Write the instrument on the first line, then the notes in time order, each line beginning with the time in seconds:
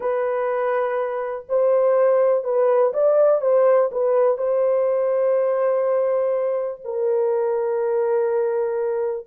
horn
0.00 B4
1.48 C5
2.44 B4
2.93 D5
3.41 C5
3.91 B4
4.37 C5
6.84 A#4